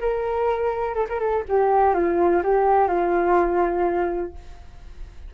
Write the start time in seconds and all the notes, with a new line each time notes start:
0.00 A#4
0.94 A4
1.09 A#4
1.19 A4
1.48 G4
1.94 F4
2.43 G4
2.88 F4